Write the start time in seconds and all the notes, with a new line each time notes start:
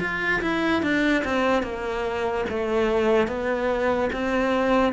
0.00 F4
0.41 E4
0.83 D4
1.24 C4
1.63 A#3
2.49 A3
3.27 B3
4.12 C4